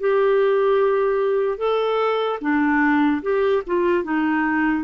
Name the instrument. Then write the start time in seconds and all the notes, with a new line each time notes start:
clarinet
0.00 G4
1.58 A4
2.41 D4
3.22 G4
3.67 F4
4.04 D#4